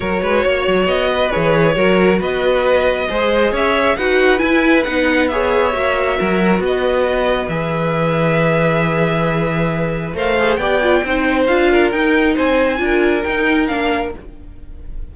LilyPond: <<
  \new Staff \with { instrumentName = "violin" } { \time 4/4 \tempo 4 = 136 cis''2 dis''4 cis''4~ | cis''4 dis''2. | e''4 fis''4 gis''4 fis''4 | e''2. dis''4~ |
dis''4 e''2.~ | e''2. f''4 | g''2 f''4 g''4 | gis''2 g''4 f''4 | }
  \new Staff \with { instrumentName = "violin" } { \time 4/4 ais'8 b'8 cis''4. b'4. | ais'4 b'2 c''4 | cis''4 b'2. | cis''2 ais'4 b'4~ |
b'1~ | b'2. c''4 | d''4 c''4. ais'4. | c''4 ais'2. | }
  \new Staff \with { instrumentName = "viola" } { \time 4/4 fis'2. gis'4 | fis'2. gis'4~ | gis'4 fis'4 e'4 dis'4 | gis'4 fis'2.~ |
fis'4 gis'2.~ | gis'2. ais'8 gis'8 | g'8 f'8 dis'4 f'4 dis'4~ | dis'4 f'4 dis'4 d'4 | }
  \new Staff \with { instrumentName = "cello" } { \time 4/4 fis8 gis8 ais8 fis8 b4 e4 | fis4 b2 gis4 | cis'4 dis'4 e'4 b4~ | b4 ais4 fis4 b4~ |
b4 e2.~ | e2. a4 | b4 c'4 d'4 dis'4 | c'4 d'4 dis'4 ais4 | }
>>